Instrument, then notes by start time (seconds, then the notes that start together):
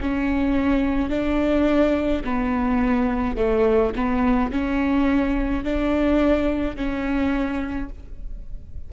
viola
0.00 C#4
1.10 D4
2.24 B3
3.37 A3
3.96 B3
4.51 C#4
5.64 D4
6.76 C#4